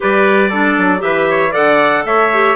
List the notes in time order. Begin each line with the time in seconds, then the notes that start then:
0.00 G3 G4 B4 D5
0.50 D4 A4
0.78 F#3
0.98 E3 G4 B4 E5
1.29 C#5
1.51 D3 A4 D5 F#5
2.04 A3 C#5 E5
2.32 G4